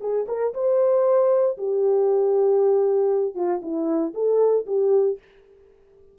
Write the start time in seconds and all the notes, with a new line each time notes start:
0.00 G#4
0.28 A#4
0.54 C5
1.57 G4
3.35 F4
3.62 E4
4.14 A4
4.66 G4